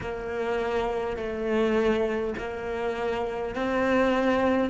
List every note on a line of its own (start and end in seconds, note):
0.00 1.17 A#3
1.17 2.34 A3
2.37 3.55 A#3
3.55 4.70 C4